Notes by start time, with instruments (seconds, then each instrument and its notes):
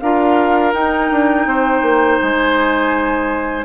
0.00 bassoon D4, clarinet F4, oboe A#4, flute F5
0.73 bassoon D#4, clarinet D#4, flute G5
1.11 bassoon D4
1.46 bassoon C4, oboe C5
1.82 bassoon A#3
2.21 bassoon G#3, flute G#5